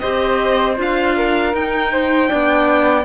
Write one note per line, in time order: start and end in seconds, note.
0.00 0.78 C4
0.00 0.77 G4
0.00 1.16 C5
0.00 0.76 D#5
0.77 1.54 D4
0.77 1.53 F4
0.77 1.55 F5
1.16 1.92 A#4
1.54 2.30 D#4
1.54 2.27 D#4
1.54 3.05 G5
1.92 2.29 C5
2.27 3.03 D4
2.27 3.05 D5
2.33 3.05 B3